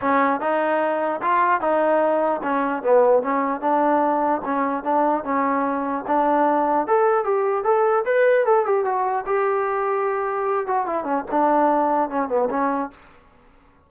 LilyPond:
\new Staff \with { instrumentName = "trombone" } { \time 4/4 \tempo 4 = 149 cis'4 dis'2 f'4 | dis'2 cis'4 b4 | cis'4 d'2 cis'4 | d'4 cis'2 d'4~ |
d'4 a'4 g'4 a'4 | b'4 a'8 g'8 fis'4 g'4~ | g'2~ g'8 fis'8 e'8 cis'8 | d'2 cis'8 b8 cis'4 | }